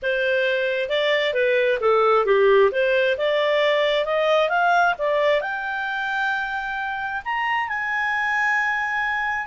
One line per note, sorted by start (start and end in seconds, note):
0.02 0.89 C5
0.89 1.33 D5
1.33 1.78 B4
1.80 2.25 A4
2.25 2.70 G4
2.71 3.16 C5
3.17 4.05 D5
4.05 4.49 D#5
4.49 4.94 F5
4.98 5.41 D5
5.41 7.21 G5
7.24 7.68 A#5
7.68 9.47 G#5